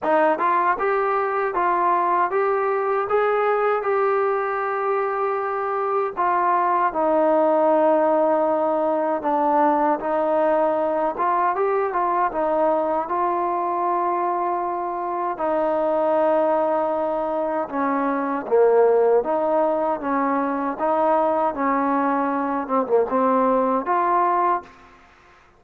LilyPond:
\new Staff \with { instrumentName = "trombone" } { \time 4/4 \tempo 4 = 78 dis'8 f'8 g'4 f'4 g'4 | gis'4 g'2. | f'4 dis'2. | d'4 dis'4. f'8 g'8 f'8 |
dis'4 f'2. | dis'2. cis'4 | ais4 dis'4 cis'4 dis'4 | cis'4. c'16 ais16 c'4 f'4 | }